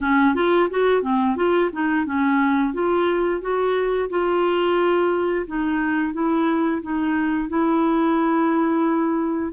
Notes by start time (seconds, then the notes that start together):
0.01 C#4
0.34 F4
0.69 F#4
1.02 C4
1.36 F4
1.72 D#4
2.05 C#4
2.73 F4
3.41 F#4
4.09 F4
5.46 D#4
6.13 E4
6.82 D#4
7.48 E4